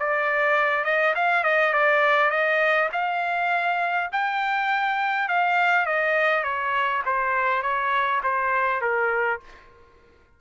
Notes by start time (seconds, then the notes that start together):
0.00 D5
0.85 D#5
1.16 F5
1.44 D#5
1.74 D5
2.31 D#5
2.93 F5
4.12 G5
5.29 F5
5.86 D#5
6.44 C#5
7.06 C5
7.63 C#5
8.24 C5
8.81 A#4